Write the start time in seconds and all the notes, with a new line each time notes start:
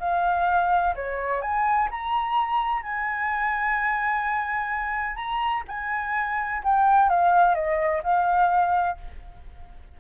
0.00 F5
0.95 C#5
1.42 G#5
1.91 A#5
2.83 G#5
5.16 A#5
5.68 G#5
6.64 G5
7.09 F5
7.55 D#5
8.03 F5